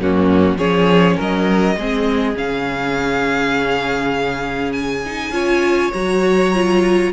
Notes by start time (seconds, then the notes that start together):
0.00 F#2 A#3 C#4 F#4
0.58 F3 C#4 G#4 C#5
1.17 F#3 A#4 D#5
1.77 G#3 C4 G#4
2.37 C#3 C#4 F5
4.73 G#5
5.06 D#4
5.31 C#4 F4 C#5
5.94 F#3 F#4 A#5
6.54 F4